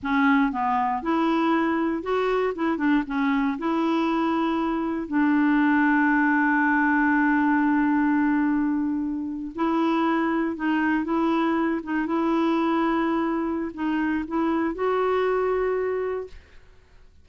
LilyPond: \new Staff \with { instrumentName = "clarinet" } { \time 4/4 \tempo 4 = 118 cis'4 b4 e'2 | fis'4 e'8 d'8 cis'4 e'4~ | e'2 d'2~ | d'1~ |
d'2~ d'8. e'4~ e'16~ | e'8. dis'4 e'4. dis'8 e'16~ | e'2. dis'4 | e'4 fis'2. | }